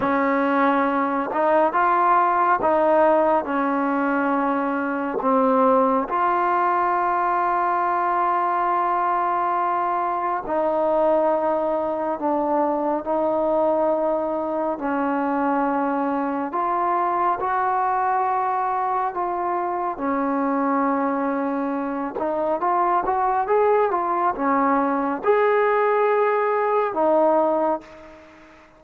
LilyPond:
\new Staff \with { instrumentName = "trombone" } { \time 4/4 \tempo 4 = 69 cis'4. dis'8 f'4 dis'4 | cis'2 c'4 f'4~ | f'1 | dis'2 d'4 dis'4~ |
dis'4 cis'2 f'4 | fis'2 f'4 cis'4~ | cis'4. dis'8 f'8 fis'8 gis'8 f'8 | cis'4 gis'2 dis'4 | }